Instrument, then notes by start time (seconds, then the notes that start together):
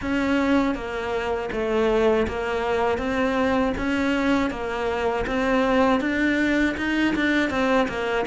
cello
0.01 C#4
0.74 A#3
1.51 A3
2.27 A#3
2.98 C4
3.77 C#4
4.50 A#3
5.27 C4
6.00 D4
6.77 D#4
7.15 D4
7.50 C4
7.88 A#3